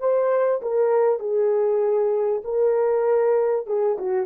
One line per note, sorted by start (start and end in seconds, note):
0.00 0.61 C5
0.62 1.20 A#4
1.20 2.42 G#4
2.45 3.67 A#4
3.67 3.98 G#4
3.99 4.27 F#4